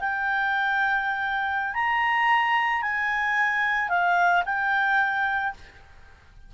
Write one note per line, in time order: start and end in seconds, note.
0.00 1.74 G5
1.74 2.82 A#5
2.82 3.89 G#5
3.89 4.43 F5
4.46 5.54 G5